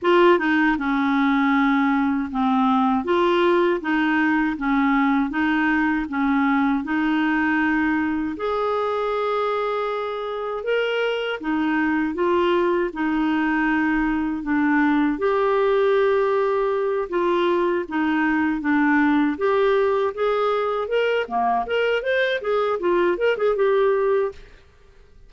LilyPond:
\new Staff \with { instrumentName = "clarinet" } { \time 4/4 \tempo 4 = 79 f'8 dis'8 cis'2 c'4 | f'4 dis'4 cis'4 dis'4 | cis'4 dis'2 gis'4~ | gis'2 ais'4 dis'4 |
f'4 dis'2 d'4 | g'2~ g'8 f'4 dis'8~ | dis'8 d'4 g'4 gis'4 ais'8 | ais8 ais'8 c''8 gis'8 f'8 ais'16 gis'16 g'4 | }